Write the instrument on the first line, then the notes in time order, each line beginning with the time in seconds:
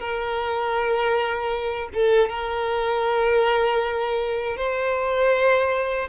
violin
0.00 A#4
1.94 A4
2.30 A#4
4.57 C5